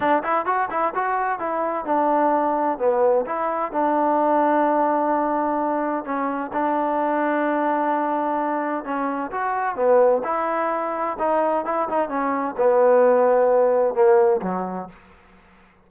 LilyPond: \new Staff \with { instrumentName = "trombone" } { \time 4/4 \tempo 4 = 129 d'8 e'8 fis'8 e'8 fis'4 e'4 | d'2 b4 e'4 | d'1~ | d'4 cis'4 d'2~ |
d'2. cis'4 | fis'4 b4 e'2 | dis'4 e'8 dis'8 cis'4 b4~ | b2 ais4 fis4 | }